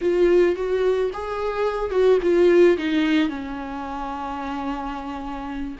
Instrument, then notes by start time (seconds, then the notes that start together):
viola
0.01 F4
0.55 F#4
1.13 G#4
1.91 F#4
2.22 F4
2.77 D#4
3.28 C#4